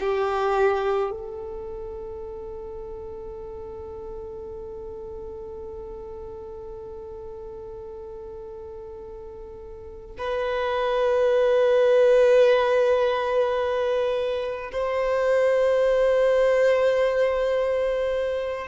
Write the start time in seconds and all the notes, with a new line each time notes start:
0.00 G4
1.11 A4
10.18 B4
14.72 C5